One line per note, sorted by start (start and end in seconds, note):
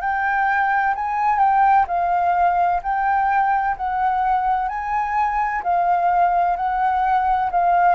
0.00 0.94 G5
0.95 1.38 G#5
1.38 1.85 G5
1.87 2.81 F5
2.82 3.76 G5
3.76 4.68 F#5
4.68 5.62 G#5
5.63 6.56 F5
6.56 7.50 F#5
7.50 7.95 F5